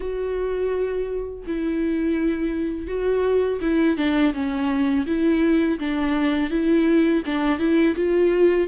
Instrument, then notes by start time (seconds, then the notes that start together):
viola
0.00 F#4
1.46 E4
2.87 F#4
3.61 E4
3.97 D4
4.33 C#4
5.06 E4
5.79 D4
6.50 E4
7.25 D4
7.59 E4
7.95 F4